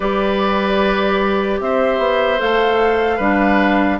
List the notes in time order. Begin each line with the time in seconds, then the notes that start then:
0.00 G3 G4 B4 D5
1.60 C4 C5 E5
1.98 B3
2.38 A3 A4 F5
3.16 G3 D4 B4